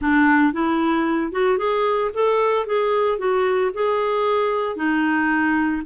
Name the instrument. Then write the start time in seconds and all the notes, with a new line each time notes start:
clarinet
0.01 D4
0.52 E4
1.31 F#4
1.58 G#4
2.14 A4
2.66 G#4
3.18 F#4
3.74 G#4
4.76 D#4